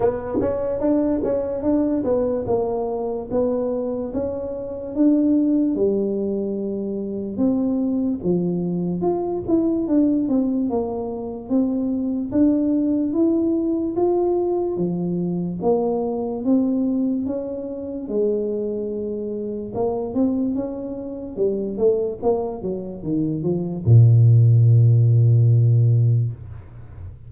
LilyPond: \new Staff \with { instrumentName = "tuba" } { \time 4/4 \tempo 4 = 73 b8 cis'8 d'8 cis'8 d'8 b8 ais4 | b4 cis'4 d'4 g4~ | g4 c'4 f4 f'8 e'8 | d'8 c'8 ais4 c'4 d'4 |
e'4 f'4 f4 ais4 | c'4 cis'4 gis2 | ais8 c'8 cis'4 g8 a8 ais8 fis8 | dis8 f8 ais,2. | }